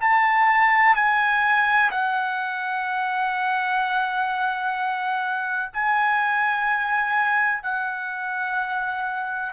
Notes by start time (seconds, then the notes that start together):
0.00 A5
0.95 G#5
1.91 F#5
5.73 G#5
7.62 F#5